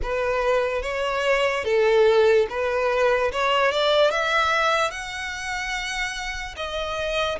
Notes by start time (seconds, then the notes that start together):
0.02 B4
0.82 C#5
1.64 A4
2.49 B4
3.32 C#5
3.71 D5
4.10 E5
4.90 F#5
6.56 D#5